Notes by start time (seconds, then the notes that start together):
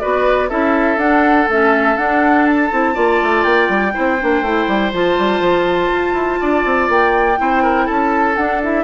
0.00 B3 F#4 B4 D5
0.49 C#4 E4 A4 E5
0.97 D4 F#5
1.49 A3 C#4 E5
1.97 D4 F#5
2.46 A5
2.72 C4 E4
2.95 A#3 F4 D5
3.23 A3
3.44 A#3 G5
3.69 G3
3.93 C4 E4 C5
4.21 A#3 D4
4.42 A3 E4
4.68 G3
4.93 F3 F4 A5
5.18 G3
5.41 F3
5.94 F4
6.14 E4
6.41 D4 D5
6.66 C4
6.89 A#3 G5
7.38 C4 E4 C5
7.63 A#4
7.86 C#4 A4 A5
8.37 D4 F#5
8.63 E4 E5